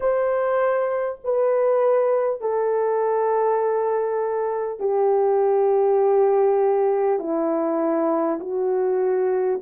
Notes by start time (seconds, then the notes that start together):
0.00 C5
1.23 B4
2.41 A4
4.79 G4
7.19 E4
8.39 F#4